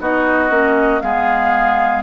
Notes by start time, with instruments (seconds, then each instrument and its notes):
0.00 bassoon B3, clarinet D#4, oboe F#4, flute D#5
0.50 bassoon A#3, clarinet C#4
1.01 bassoon G#3, clarinet B3, oboe G#4, flute F5